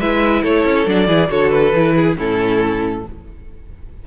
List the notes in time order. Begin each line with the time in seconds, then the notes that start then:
0.00 G#3 E4 B4 E5
0.43 A3 A4 C#5
0.65 C#4
0.87 F#3 D4 D5
1.08 E3 E4 G#4
1.29 D3 F#4 A4 C#5
1.50 B4
1.74 E3 E4
1.96 G#4
2.18 A2 C#4 E4 A4